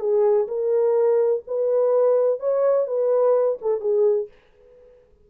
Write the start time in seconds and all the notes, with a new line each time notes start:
0.00 G#4
0.48 A#4
1.48 B4
2.40 C#5
2.87 B4
3.62 A4
3.81 G#4